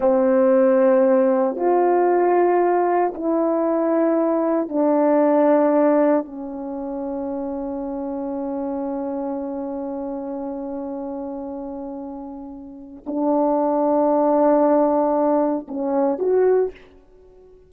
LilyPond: \new Staff \with { instrumentName = "horn" } { \time 4/4 \tempo 4 = 115 c'2. f'4~ | f'2 e'2~ | e'4 d'2. | cis'1~ |
cis'1~ | cis'1~ | cis'4 d'2.~ | d'2 cis'4 fis'4 | }